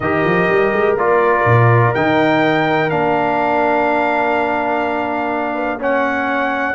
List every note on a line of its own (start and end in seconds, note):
0.00 0.24 D#3
0.00 0.98 G4
0.00 5.54 A#4
0.00 0.96 D#5
0.24 0.48 F3
0.49 0.72 G3
0.72 0.95 G#3
0.95 1.44 A#3
0.95 1.95 F4
0.95 1.94 D5
1.45 1.93 A#2
1.94 2.91 D#3
1.94 2.89 D#4
1.94 2.89 G5
2.89 6.75 A#3
2.89 5.79 D4
2.89 5.80 F5
5.54 5.78 B4
5.78 6.75 C#4
5.78 6.75 C#5
5.78 6.75 F#5